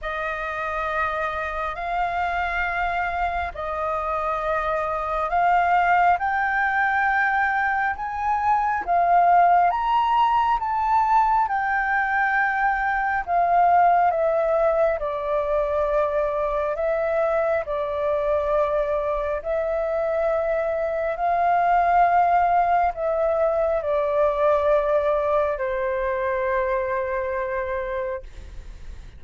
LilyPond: \new Staff \with { instrumentName = "flute" } { \time 4/4 \tempo 4 = 68 dis''2 f''2 | dis''2 f''4 g''4~ | g''4 gis''4 f''4 ais''4 | a''4 g''2 f''4 |
e''4 d''2 e''4 | d''2 e''2 | f''2 e''4 d''4~ | d''4 c''2. | }